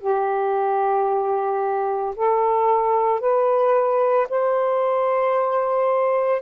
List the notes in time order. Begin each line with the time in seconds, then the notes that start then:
0.00 G4
2.16 A4
3.20 B4
4.29 C5